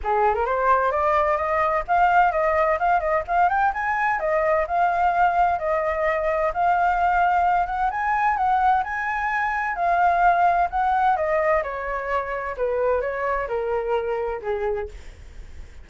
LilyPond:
\new Staff \with { instrumentName = "flute" } { \time 4/4 \tempo 4 = 129 gis'8. ais'16 c''4 d''4 dis''4 | f''4 dis''4 f''8 dis''8 f''8 g''8 | gis''4 dis''4 f''2 | dis''2 f''2~ |
f''8 fis''8 gis''4 fis''4 gis''4~ | gis''4 f''2 fis''4 | dis''4 cis''2 b'4 | cis''4 ais'2 gis'4 | }